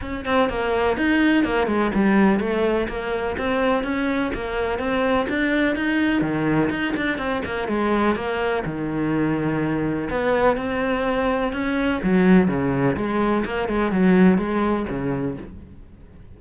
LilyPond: \new Staff \with { instrumentName = "cello" } { \time 4/4 \tempo 4 = 125 cis'8 c'8 ais4 dis'4 ais8 gis8 | g4 a4 ais4 c'4 | cis'4 ais4 c'4 d'4 | dis'4 dis4 dis'8 d'8 c'8 ais8 |
gis4 ais4 dis2~ | dis4 b4 c'2 | cis'4 fis4 cis4 gis4 | ais8 gis8 fis4 gis4 cis4 | }